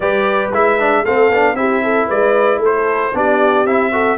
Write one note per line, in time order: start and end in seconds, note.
0.00 0.51 G3
0.00 0.53 G4
0.00 1.02 B4
0.00 0.51 D5
0.52 1.04 G#3
0.52 0.79 E4
0.52 1.05 E5
0.79 1.05 D4
1.03 1.29 A3
1.03 1.32 C4
1.03 1.56 A4
1.03 1.56 F5
1.29 1.54 B3
1.29 1.56 D4
1.54 2.06 C4
1.54 3.12 E4
1.54 1.83 G4
1.54 2.08 E5
1.83 2.07 A4
2.07 2.58 G#3
2.07 2.59 B4
2.07 2.61 D5
2.58 3.10 A3
2.58 3.13 A4
2.65 3.16 C5
3.13 3.64 B3
3.13 3.66 D4
3.13 3.92 G4
3.13 3.66 D5
3.64 4.16 C4
3.64 3.92 E4
3.64 4.17 E5
3.92 4.17 F#4
3.92 4.17 A4